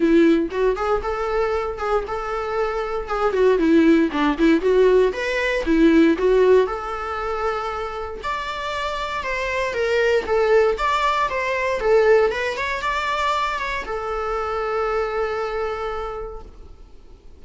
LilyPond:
\new Staff \with { instrumentName = "viola" } { \time 4/4 \tempo 4 = 117 e'4 fis'8 gis'8 a'4. gis'8 | a'2 gis'8 fis'8 e'4 | d'8 e'8 fis'4 b'4 e'4 | fis'4 a'2. |
d''2 c''4 ais'4 | a'4 d''4 c''4 a'4 | b'8 cis''8 d''4. cis''8 a'4~ | a'1 | }